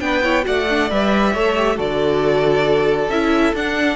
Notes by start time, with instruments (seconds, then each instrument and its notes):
0.00 cello B3, viola D4, violin B4 G5
0.23 viola E4, violin C#5
0.42 cello A3, viola F#4, violin D5 F#5
0.69 viola D4
0.89 cello G3, viola B4, violin E5
1.33 cello A3, viola A4, violin C#5
1.55 viola G4
1.75 cello D3, viola F#4, violin A4 D5
3.08 cello C#4, viola E4, violin E5
3.52 cello D4, viola D4, violin F#5